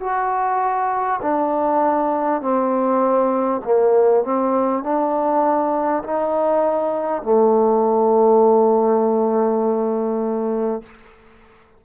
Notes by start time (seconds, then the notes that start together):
0.00 F#4
1.22 D4
2.41 C4
3.64 A#3
4.24 C4
4.83 D4
6.03 D#4
7.23 A3